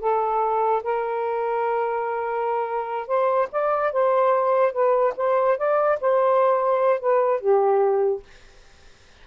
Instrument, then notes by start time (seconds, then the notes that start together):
saxophone
0.00 A4
0.83 A#4
3.07 C5
3.52 D5
3.92 C5
4.72 B4
5.16 C5
5.57 D5
6.00 C5
7.00 B4
7.40 G4